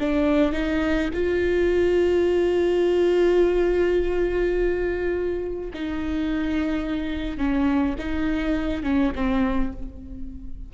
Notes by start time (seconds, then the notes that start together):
0.00 D4
0.53 D#4
1.14 F4
5.74 D#4
7.38 C#4
7.99 D#4
8.83 C#4
9.16 C4